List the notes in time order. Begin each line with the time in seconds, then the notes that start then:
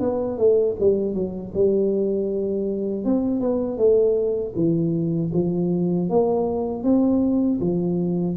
0.00 B3
0.38 A3
0.80 G3
1.14 F#3
1.54 G3
3.04 C4
3.40 B3
3.77 A3
4.56 E3
5.33 F3
6.09 A#3
6.84 C4
7.61 F3